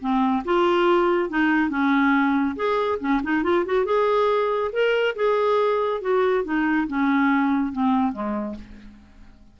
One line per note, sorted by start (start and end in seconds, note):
0.00 0.43 C4
0.45 1.29 F4
1.29 1.69 D#4
1.69 2.55 C#4
2.56 2.99 G#4
3.00 3.21 C#4
3.23 3.43 D#4
3.43 3.64 F4
3.65 3.85 F#4
3.85 4.71 G#4
4.72 5.15 A#4
5.15 6.01 G#4
6.01 6.44 F#4
6.44 6.87 D#4
6.87 7.72 C#4
7.72 8.12 C4
8.12 8.55 G#3